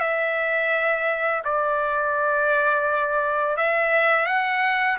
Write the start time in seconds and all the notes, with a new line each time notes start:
0.00 E5
1.44 D5
3.56 E5
4.26 F#5